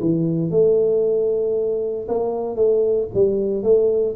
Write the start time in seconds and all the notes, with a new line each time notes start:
0.00 E3
0.51 A3
2.08 A#3
2.56 A3
3.14 G3
3.63 A3